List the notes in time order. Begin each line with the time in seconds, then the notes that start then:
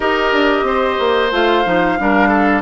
0.00 D#4 G4 A#4 D#5
0.32 D4
0.62 C4 C5
0.99 A#3
1.31 A3 F4 F5
1.64 F3 D#4
1.98 G3 D4 A#4
2.28 A4